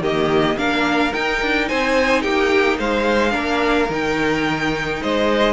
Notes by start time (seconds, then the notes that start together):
0.00 D#3 A#3 G4 D#5
0.57 A#3 D4 A#4 F5
1.12 D#4 G5
1.41 D4
1.68 C4 C5 G#5
2.22 A#3 G4 G5
2.78 G#3 C5 F5
3.31 A#3 D4 A#4
3.89 D#3 D#4 G5
5.02 G#3 C5 D#5